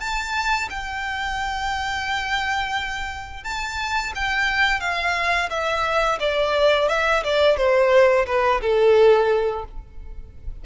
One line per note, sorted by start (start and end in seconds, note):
0.00 0.69 A5
0.70 3.44 G5
3.44 4.13 A5
4.15 4.81 G5
4.81 5.50 F5
5.50 6.19 E5
6.20 6.89 D5
6.89 7.24 E5
7.24 7.57 D5
7.57 8.26 C5
8.27 8.61 B4
8.61 9.65 A4